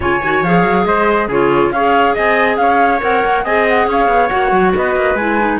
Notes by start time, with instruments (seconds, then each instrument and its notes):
0.00 cello C#3, clarinet F4, trumpet C#5, flute G#5
0.23 cello D#3, clarinet F#4
0.43 cello F3, clarinet G#4, flute F5
0.63 cello F#3
0.85 cello G#3, trumpet C5, flute D#5
1.27 cello C#3, clarinet F4, trumpet G#4, flute C#5
1.71 cello C#4, clarinet G#4, trumpet C#5, flute F5
2.13 cello C4, trumpet D#5, flute G#5
2.57 cello C#4, trumpet C#5, flute F5
3.00 cello C4, clarinet A#4, flute F#5
3.24 cello A#3
3.43 cello C4, clarinet G#4, trumpet D#5, flute G#5
3.68 flute F#5
3.86 cello C#4, trumpet C#5, flute F5
4.08 cello B3
4.28 cello A#3, clarinet F#4, flute F#5
4.51 cello F#3
4.76 cello B3, trumpet B4, flute D#5
4.95 cello A#3
5.14 cello G#3, clarinet E4, flute G#5
5.39 clarinet D#4